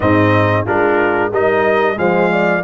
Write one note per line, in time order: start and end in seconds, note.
0.00 0.65 G#2
0.00 0.66 C4
0.00 0.64 D#4
0.00 0.66 D#5
0.64 1.31 G#3
0.64 1.31 D4
0.64 1.30 F4
0.64 1.32 A#4
1.30 1.97 G3
1.30 1.95 D#4
1.30 1.96 A#4
1.30 1.98 D#5
1.95 2.64 F3
1.95 2.61 G#3
1.95 2.32 C5
1.95 2.64 F5
2.32 2.64 D5